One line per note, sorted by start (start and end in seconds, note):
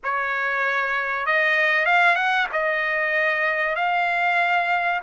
0.03 1.26 C#5
1.26 1.85 D#5
1.85 2.15 F5
2.15 2.47 F#5
2.52 3.75 D#5
3.75 5.00 F5